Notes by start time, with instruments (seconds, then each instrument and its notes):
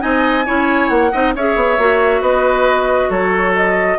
0.00 bassoon C4, clarinet D#4, oboe D#5, flute G#5
0.45 bassoon C#4, clarinet E4, oboe C#5
0.89 bassoon A#3, flute F#5
1.12 bassoon C4, clarinet D#4, oboe D#5
1.35 bassoon C#4, clarinet G#4, oboe C#5, flute E5
1.56 bassoon B3
1.78 bassoon A#3, clarinet F#4
2.21 bassoon B3, oboe B4, flute D#5
3.10 bassoon F#3, oboe A4, flute C#5
3.56 flute D#5